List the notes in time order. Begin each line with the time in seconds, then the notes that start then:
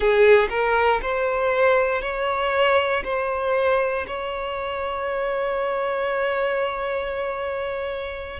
0.00 G#4
0.49 A#4
1.02 C5
2.01 C#5
3.04 C5
4.07 C#5